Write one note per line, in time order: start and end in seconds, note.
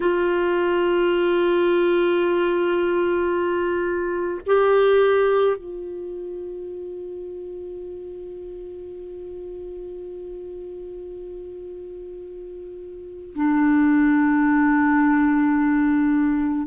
0.00 4.40 F4
4.46 5.56 G4
5.56 13.34 F4
13.34 16.67 D4